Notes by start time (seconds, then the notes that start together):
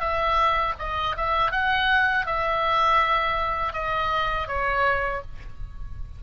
0.00 E5
0.79 D#5
1.17 E5
1.52 F#5
2.26 E5
3.73 D#5
4.47 C#5